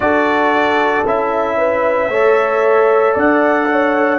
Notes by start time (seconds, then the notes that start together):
0.00 D4 F#4 A4 D5
1.05 C#4 E4 E5
1.57 B4
2.09 A3 A4 C#5
3.14 D4 D5 F#5
3.71 C#5